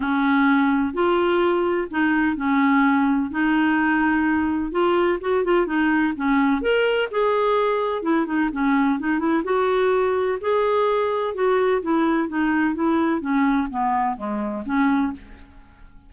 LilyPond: \new Staff \with { instrumentName = "clarinet" } { \time 4/4 \tempo 4 = 127 cis'2 f'2 | dis'4 cis'2 dis'4~ | dis'2 f'4 fis'8 f'8 | dis'4 cis'4 ais'4 gis'4~ |
gis'4 e'8 dis'8 cis'4 dis'8 e'8 | fis'2 gis'2 | fis'4 e'4 dis'4 e'4 | cis'4 b4 gis4 cis'4 | }